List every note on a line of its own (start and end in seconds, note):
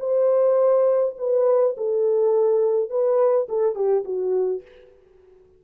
0.00 1.15 C5
1.18 1.76 B4
1.78 2.90 A4
2.90 3.48 B4
3.49 3.76 A4
3.76 4.04 G4
4.05 4.62 F#4